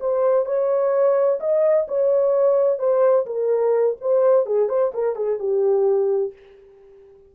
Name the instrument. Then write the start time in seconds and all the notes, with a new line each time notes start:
horn
0.00 C5
0.45 C#5
1.40 D#5
1.88 C#5
2.79 C5
3.26 A#4
4.01 C5
4.46 G#4
4.69 C5
4.94 A#4
5.16 G#4
5.39 G4